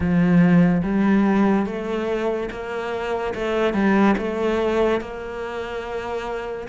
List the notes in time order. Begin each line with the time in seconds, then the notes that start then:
0.00 F3
0.83 G3
1.66 A3
2.50 A#3
3.34 A3
3.73 G3
4.17 A3
5.00 A#3